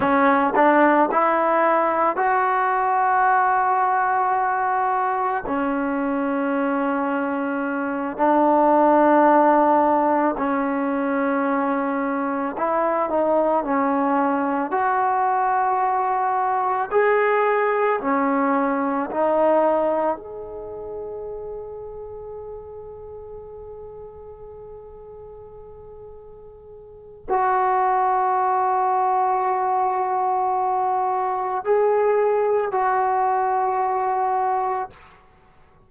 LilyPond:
\new Staff \with { instrumentName = "trombone" } { \time 4/4 \tempo 4 = 55 cis'8 d'8 e'4 fis'2~ | fis'4 cis'2~ cis'8 d'8~ | d'4. cis'2 e'8 | dis'8 cis'4 fis'2 gis'8~ |
gis'8 cis'4 dis'4 gis'4.~ | gis'1~ | gis'4 fis'2.~ | fis'4 gis'4 fis'2 | }